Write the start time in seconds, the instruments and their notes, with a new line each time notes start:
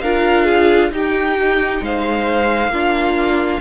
0.00 cello D4, viola F4, violin A#4 F5
0.44 violin G#4
0.91 cello D#4, viola D#4, violin G4 G5
1.81 cello G#3, violin C5 F5
2.68 cello A#3, viola D4, violin F4